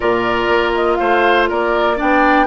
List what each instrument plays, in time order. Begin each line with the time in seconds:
0.00 bassoon A#2, clarinet F4, oboe A#4, flute D5
0.48 bassoon A#3
0.74 flute D#5
0.95 bassoon A3, oboe C5, flute F5
1.49 bassoon A#3, oboe A#4, flute D5
1.96 bassoon B3, clarinet D4, oboe D5, flute G5